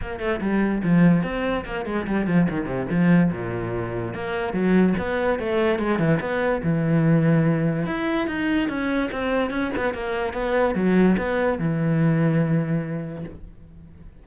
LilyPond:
\new Staff \with { instrumentName = "cello" } { \time 4/4 \tempo 4 = 145 ais8 a8 g4 f4 c'4 | ais8 gis8 g8 f8 dis8 c8 f4 | ais,2 ais4 fis4 | b4 a4 gis8 e8 b4 |
e2. e'4 | dis'4 cis'4 c'4 cis'8 b8 | ais4 b4 fis4 b4 | e1 | }